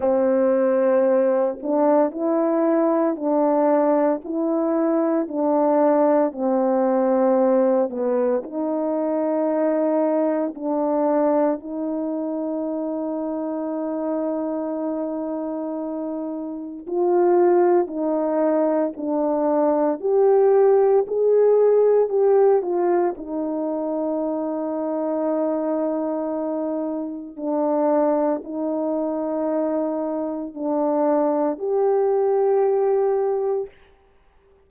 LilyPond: \new Staff \with { instrumentName = "horn" } { \time 4/4 \tempo 4 = 57 c'4. d'8 e'4 d'4 | e'4 d'4 c'4. b8 | dis'2 d'4 dis'4~ | dis'1 |
f'4 dis'4 d'4 g'4 | gis'4 g'8 f'8 dis'2~ | dis'2 d'4 dis'4~ | dis'4 d'4 g'2 | }